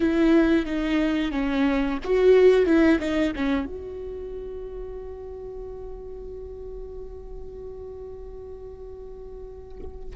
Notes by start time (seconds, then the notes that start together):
0.00 E4
0.65 D#4
1.32 C#4
2.04 F#4
2.65 E4
2.99 D#4
3.35 C#4
3.65 F#4